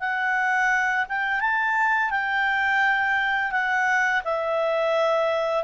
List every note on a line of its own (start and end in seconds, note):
0.00 1.06 F#5
1.09 1.40 G5
1.40 2.10 A5
2.10 3.52 G5
3.52 4.22 F#5
4.24 5.64 E5